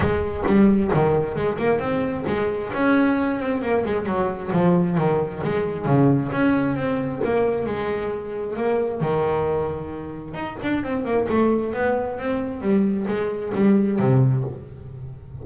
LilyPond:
\new Staff \with { instrumentName = "double bass" } { \time 4/4 \tempo 4 = 133 gis4 g4 dis4 gis8 ais8 | c'4 gis4 cis'4. c'8 | ais8 gis8 fis4 f4 dis4 | gis4 cis4 cis'4 c'4 |
ais4 gis2 ais4 | dis2. dis'8 d'8 | c'8 ais8 a4 b4 c'4 | g4 gis4 g4 c4 | }